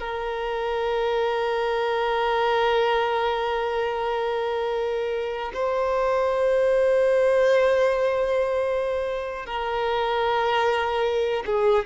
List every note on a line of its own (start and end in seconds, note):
0.00 5.53 A#4
5.54 9.47 C5
9.47 11.44 A#4
11.46 11.86 G#4